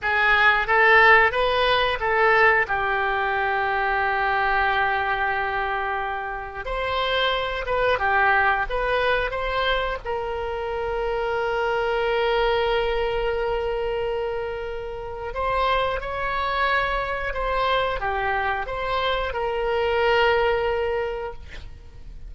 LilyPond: \new Staff \with { instrumentName = "oboe" } { \time 4/4 \tempo 4 = 90 gis'4 a'4 b'4 a'4 | g'1~ | g'2 c''4. b'8 | g'4 b'4 c''4 ais'4~ |
ais'1~ | ais'2. c''4 | cis''2 c''4 g'4 | c''4 ais'2. | }